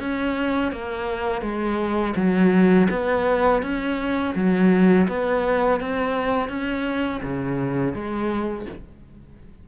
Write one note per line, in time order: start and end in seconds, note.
0.00 0.72 C#4
0.72 1.42 A#3
1.42 2.14 G#3
2.16 2.88 F#3
2.90 3.62 B3
3.62 4.35 C#4
4.35 5.08 F#3
5.08 5.80 B3
5.80 6.49 C4
6.49 7.21 C#4
7.23 7.94 C#3
7.94 8.66 G#3